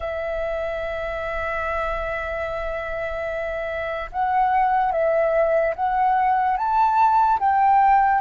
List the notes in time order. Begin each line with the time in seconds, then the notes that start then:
0.00 E5
4.12 F#5
4.92 E5
5.75 F#5
6.57 A5
7.39 G5